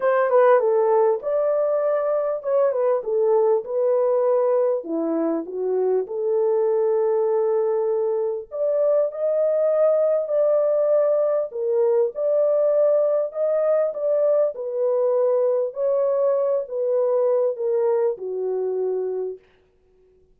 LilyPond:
\new Staff \with { instrumentName = "horn" } { \time 4/4 \tempo 4 = 99 c''8 b'8 a'4 d''2 | cis''8 b'8 a'4 b'2 | e'4 fis'4 a'2~ | a'2 d''4 dis''4~ |
dis''4 d''2 ais'4 | d''2 dis''4 d''4 | b'2 cis''4. b'8~ | b'4 ais'4 fis'2 | }